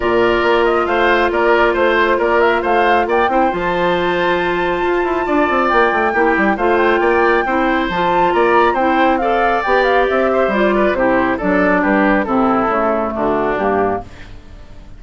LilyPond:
<<
  \new Staff \with { instrumentName = "flute" } { \time 4/4 \tempo 4 = 137 d''4. dis''8 f''4 d''4 | c''4 d''8 e''8 f''4 g''4 | a''1~ | a''4 g''2 f''8 g''8~ |
g''2 a''4 ais''4 | g''4 f''4 g''8 f''8 e''4 | d''4 c''4 d''4 b'4 | a'2 fis'4 g'4 | }
  \new Staff \with { instrumentName = "oboe" } { \time 4/4 ais'2 c''4 ais'4 | c''4 ais'4 c''4 d''8 c''8~ | c''1 | d''2 g'4 c''4 |
d''4 c''2 d''4 | c''4 d''2~ d''8 c''8~ | c''8 b'8 g'4 a'4 g'4 | e'2 d'2 | }
  \new Staff \with { instrumentName = "clarinet" } { \time 4/4 f'1~ | f'2.~ f'8 e'8 | f'1~ | f'2 e'4 f'4~ |
f'4 e'4 f'2 | e'4 a'4 g'2 | f'4 e'4 d'2 | c'4 a2 ais4 | }
  \new Staff \with { instrumentName = "bassoon" } { \time 4/4 ais,4 ais4 a4 ais4 | a4 ais4 a4 ais8 c'8 | f2. f'8 e'8 | d'8 c'8 ais8 a8 ais8 g8 a4 |
ais4 c'4 f4 ais4 | c'2 b4 c'4 | g4 c4 fis4 g4 | c4 cis4 d4 g,4 | }
>>